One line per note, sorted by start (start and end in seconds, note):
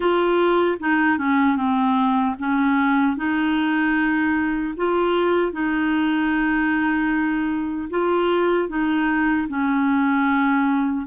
0.00 0.78 F4
0.79 1.18 D#4
1.18 1.56 C#4
1.56 2.35 C4
2.39 3.16 C#4
3.16 4.74 D#4
4.77 5.52 F4
5.52 7.89 D#4
7.89 8.68 F4
8.68 9.47 D#4
9.48 11.06 C#4